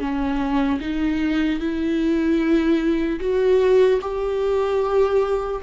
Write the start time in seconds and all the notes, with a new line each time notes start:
0.00 C#4
0.81 D#4
1.60 E4
3.20 F#4
4.01 G4